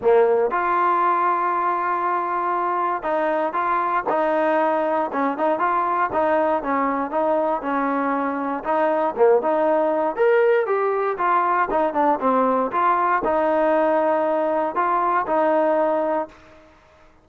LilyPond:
\new Staff \with { instrumentName = "trombone" } { \time 4/4 \tempo 4 = 118 ais4 f'2.~ | f'2 dis'4 f'4 | dis'2 cis'8 dis'8 f'4 | dis'4 cis'4 dis'4 cis'4~ |
cis'4 dis'4 ais8 dis'4. | ais'4 g'4 f'4 dis'8 d'8 | c'4 f'4 dis'2~ | dis'4 f'4 dis'2 | }